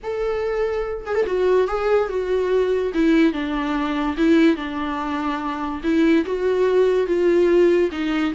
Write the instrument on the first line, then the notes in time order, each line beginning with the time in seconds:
viola
0.03 A4
1.06 G#4
1.14 A4
1.26 F#4
1.67 G#4
2.09 F#4
2.94 E4
3.32 D4
4.17 E4
4.56 D4
5.83 E4
6.25 F#4
7.06 F4
7.91 D#4